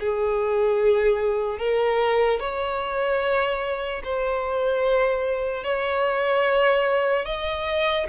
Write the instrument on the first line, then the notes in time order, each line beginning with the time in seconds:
violin
0.00 G#4
1.59 A#4
2.40 C#5
4.04 C5
5.64 C#5
7.26 D#5